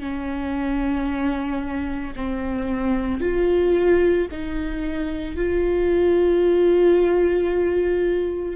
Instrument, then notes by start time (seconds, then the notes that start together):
viola
0.00 C#4
2.16 C4
3.21 F4
4.31 D#4
5.36 F4